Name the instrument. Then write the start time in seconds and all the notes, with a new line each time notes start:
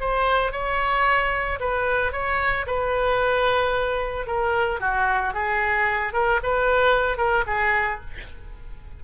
oboe
0.00 C5
0.52 C#5
1.59 B4
2.12 C#5
2.67 B4
4.27 A#4
4.80 F#4
5.34 G#4
6.13 A#4
6.43 B4
7.17 A#4
7.47 G#4